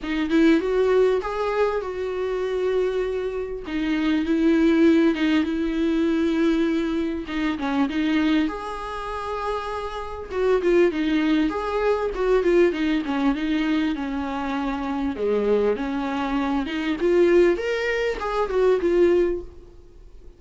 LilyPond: \new Staff \with { instrumentName = "viola" } { \time 4/4 \tempo 4 = 99 dis'8 e'8 fis'4 gis'4 fis'4~ | fis'2 dis'4 e'4~ | e'8 dis'8 e'2. | dis'8 cis'8 dis'4 gis'2~ |
gis'4 fis'8 f'8 dis'4 gis'4 | fis'8 f'8 dis'8 cis'8 dis'4 cis'4~ | cis'4 gis4 cis'4. dis'8 | f'4 ais'4 gis'8 fis'8 f'4 | }